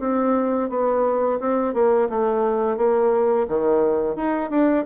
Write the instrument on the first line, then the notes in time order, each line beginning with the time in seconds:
bassoon
0.00 C4
0.69 B3
1.40 C4
1.74 A#3
2.10 A3
2.77 A#3
3.48 D#3
4.16 D#4
4.50 D4